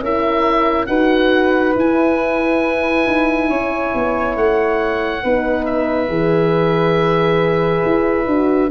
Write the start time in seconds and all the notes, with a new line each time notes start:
0.00 C#4 E4 A#4 E5
0.86 D#4 F#4 B4 F#5
1.74 E4 G#5
3.07 D#4
3.49 C#4 C#5
3.95 B3
4.36 A3 F#5
5.23 B3 D#4 B4
5.65 E5
6.09 E3 G#4
7.86 E4
8.26 D4 F#4